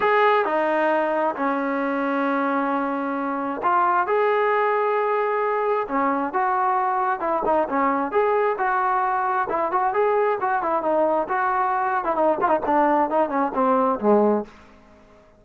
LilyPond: \new Staff \with { instrumentName = "trombone" } { \time 4/4 \tempo 4 = 133 gis'4 dis'2 cis'4~ | cis'1 | f'4 gis'2.~ | gis'4 cis'4 fis'2 |
e'8 dis'8 cis'4 gis'4 fis'4~ | fis'4 e'8 fis'8 gis'4 fis'8 e'8 | dis'4 fis'4.~ fis'16 e'16 dis'8 f'16 dis'16 | d'4 dis'8 cis'8 c'4 gis4 | }